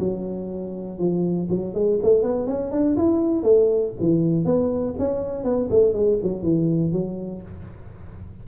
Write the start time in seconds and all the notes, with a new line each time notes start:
0.00 F#3
0.99 F3
1.50 F#3
1.75 G#3
2.03 A3
2.23 B3
2.47 C#4
2.72 D4
2.97 E4
3.43 A3
4.01 E3
4.46 B3
4.99 C#4
5.44 B3
5.71 A3
5.94 G#3
6.23 F#3
6.43 E3
6.93 F#3